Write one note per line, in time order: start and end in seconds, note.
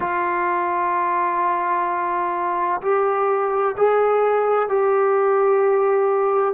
0.00 2.81 F4
2.81 3.75 G4
3.77 4.68 G#4
4.68 6.54 G4